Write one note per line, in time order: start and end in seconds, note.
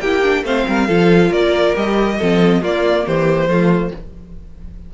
0.00 0.43 A#3
0.00 0.23 E4
0.00 0.45 G4
0.00 0.43 G5
0.23 0.45 D4
0.43 0.65 A3
0.43 0.88 C4
0.43 0.67 C5
0.43 1.32 F5
0.67 0.89 G3
0.67 0.87 A#4
0.87 1.30 F3
0.87 1.75 F4
0.87 1.30 A4
1.30 1.74 A#3
1.30 2.17 A#4
1.30 1.76 D5
1.75 2.20 G3
1.75 2.19 G4
1.75 2.63 D#5
2.18 2.62 F3
2.18 2.63 C4
2.18 2.62 A4
2.62 3.05 A#3
2.62 3.49 A#3
2.62 3.05 F4
2.62 3.07 D5
3.06 3.48 E3
3.06 3.50 G4
3.06 3.94 C5
3.48 3.91 F3
3.48 3.92 A3
3.48 3.94 F4